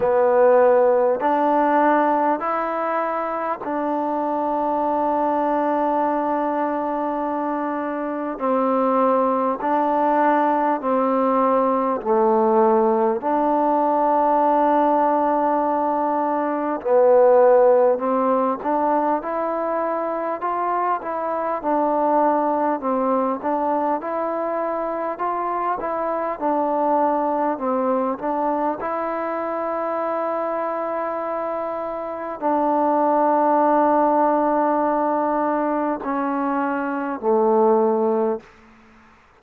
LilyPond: \new Staff \with { instrumentName = "trombone" } { \time 4/4 \tempo 4 = 50 b4 d'4 e'4 d'4~ | d'2. c'4 | d'4 c'4 a4 d'4~ | d'2 b4 c'8 d'8 |
e'4 f'8 e'8 d'4 c'8 d'8 | e'4 f'8 e'8 d'4 c'8 d'8 | e'2. d'4~ | d'2 cis'4 a4 | }